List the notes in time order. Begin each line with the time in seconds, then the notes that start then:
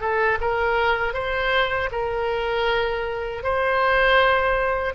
0.00 A4
0.40 A#4
1.13 C5
1.91 A#4
3.43 C5